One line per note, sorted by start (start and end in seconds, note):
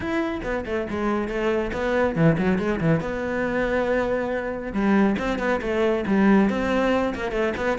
0.00 0.40 E4
0.43 0.64 B3
0.65 0.87 A3
0.89 1.28 G#3
1.28 1.71 A3
1.73 2.15 B3
2.15 2.37 E3
2.37 2.58 F#3
2.58 2.80 G#3
2.80 3.00 E3
3.00 4.72 B3
4.72 5.16 G3
5.18 5.38 C4
5.38 5.60 B3
5.61 6.05 A3
6.06 6.49 G3
6.49 7.14 C4
7.14 7.31 A#3
7.31 7.53 A3
7.56 7.78 B3